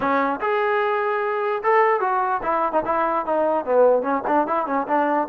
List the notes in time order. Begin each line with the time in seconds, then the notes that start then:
0.00 C#4
0.41 G#4
1.63 A4
2.00 F#4
2.43 E4
2.72 D#4
2.85 E4
3.25 D#4
3.65 B3
4.02 C#4
4.27 D4
4.47 E4
4.66 C#4
4.87 D4